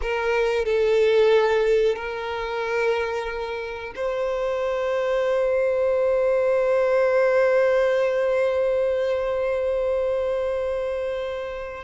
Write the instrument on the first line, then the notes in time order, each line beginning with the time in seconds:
violin
0.01 A#4
0.65 A4
1.95 A#4
3.95 C5